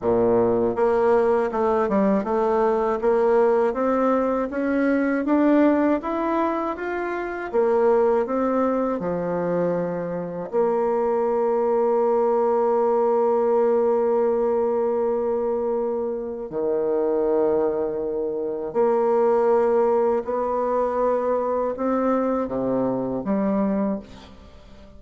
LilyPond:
\new Staff \with { instrumentName = "bassoon" } { \time 4/4 \tempo 4 = 80 ais,4 ais4 a8 g8 a4 | ais4 c'4 cis'4 d'4 | e'4 f'4 ais4 c'4 | f2 ais2~ |
ais1~ | ais2 dis2~ | dis4 ais2 b4~ | b4 c'4 c4 g4 | }